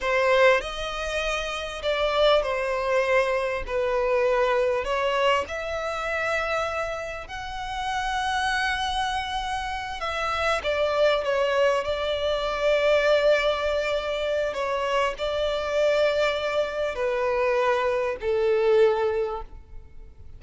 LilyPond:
\new Staff \with { instrumentName = "violin" } { \time 4/4 \tempo 4 = 99 c''4 dis''2 d''4 | c''2 b'2 | cis''4 e''2. | fis''1~ |
fis''8 e''4 d''4 cis''4 d''8~ | d''1 | cis''4 d''2. | b'2 a'2 | }